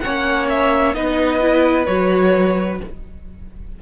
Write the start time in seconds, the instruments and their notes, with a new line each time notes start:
0.00 cello A#3, viola C#4, violin C#5 F#5
0.49 violin E5
0.94 cello B3, viola D#4, violin B4 D#5
1.40 viola E4
1.86 cello F#3, viola F#4, violin C#5